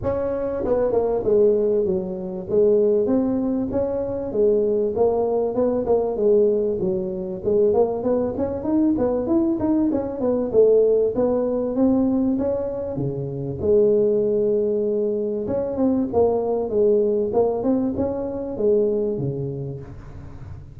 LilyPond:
\new Staff \with { instrumentName = "tuba" } { \time 4/4 \tempo 4 = 97 cis'4 b8 ais8 gis4 fis4 | gis4 c'4 cis'4 gis4 | ais4 b8 ais8 gis4 fis4 | gis8 ais8 b8 cis'8 dis'8 b8 e'8 dis'8 |
cis'8 b8 a4 b4 c'4 | cis'4 cis4 gis2~ | gis4 cis'8 c'8 ais4 gis4 | ais8 c'8 cis'4 gis4 cis4 | }